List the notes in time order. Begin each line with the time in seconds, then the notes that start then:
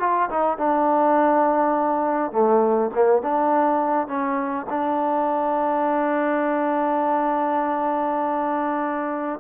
0.00 F4
0.30 D#4
0.58 D4
2.32 A3
2.95 A#3
3.22 D4
4.08 C#4
4.70 D4